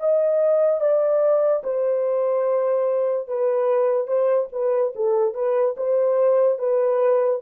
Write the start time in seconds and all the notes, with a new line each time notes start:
0.00 D#5
0.80 D5
1.63 C5
3.28 B4
4.07 C5
4.52 B4
4.95 A4
5.35 B4
5.77 C5
6.59 B4